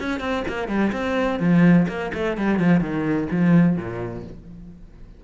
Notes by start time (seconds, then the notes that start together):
0.00 C#4
0.20 C4
0.48 A#3
0.68 G3
0.93 C4
1.40 F3
1.88 A#3
2.14 A3
2.38 G3
2.59 F3
2.81 D#3
3.32 F3
3.77 A#2